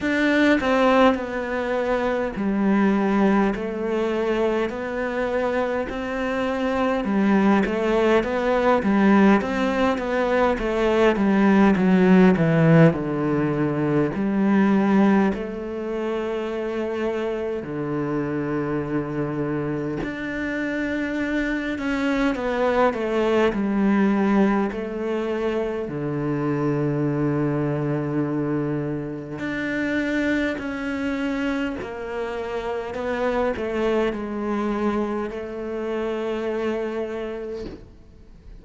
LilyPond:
\new Staff \with { instrumentName = "cello" } { \time 4/4 \tempo 4 = 51 d'8 c'8 b4 g4 a4 | b4 c'4 g8 a8 b8 g8 | c'8 b8 a8 g8 fis8 e8 d4 | g4 a2 d4~ |
d4 d'4. cis'8 b8 a8 | g4 a4 d2~ | d4 d'4 cis'4 ais4 | b8 a8 gis4 a2 | }